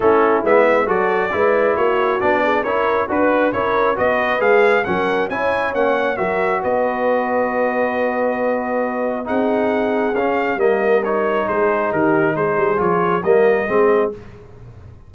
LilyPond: <<
  \new Staff \with { instrumentName = "trumpet" } { \time 4/4 \tempo 4 = 136 a'4 e''4 d''2 | cis''4 d''4 cis''4 b'4 | cis''4 dis''4 f''4 fis''4 | gis''4 fis''4 e''4 dis''4~ |
dis''1~ | dis''4 fis''2 f''4 | dis''4 cis''4 c''4 ais'4 | c''4 cis''4 dis''2 | }
  \new Staff \with { instrumentName = "horn" } { \time 4/4 e'2 a'4 b'4 | fis'4. gis'8 ais'4 b'4 | ais'4 b'2 ais'4 | cis''2 ais'4 b'4~ |
b'1~ | b'4 gis'2. | ais'2 gis'4 g'4 | gis'2 ais'4 gis'4 | }
  \new Staff \with { instrumentName = "trombone" } { \time 4/4 cis'4 b4 fis'4 e'4~ | e'4 d'4 e'4 fis'4 | e'4 fis'4 gis'4 cis'4 | e'4 cis'4 fis'2~ |
fis'1~ | fis'4 dis'2 cis'4 | ais4 dis'2.~ | dis'4 f'4 ais4 c'4 | }
  \new Staff \with { instrumentName = "tuba" } { \time 4/4 a4 gis4 fis4 gis4 | ais4 b4 cis'4 d'4 | cis'4 b4 gis4 fis4 | cis'4 ais4 fis4 b4~ |
b1~ | b4 c'2 cis'4 | g2 gis4 dis4 | gis8 g8 f4 g4 gis4 | }
>>